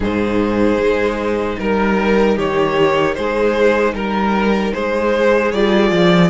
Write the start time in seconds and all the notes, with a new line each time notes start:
0.00 G#2 D#4 G#4 C5
0.78 G#3
1.58 G3 A#4
2.36 D#3 G4 C#5
3.14 G#3 G#4 C5
3.93 G3 A#4
4.73 G#3 G#4 C5
5.51 G3 F4 D5
5.91 F3